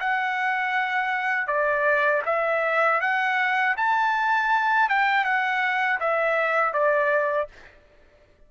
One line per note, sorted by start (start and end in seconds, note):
0.00 1.47 F#5
1.47 2.22 D5
2.26 3.01 E5
3.01 3.76 F#5
3.77 4.89 A5
4.89 5.24 G5
5.24 5.99 F#5
6.00 6.73 E5
6.73 7.48 D5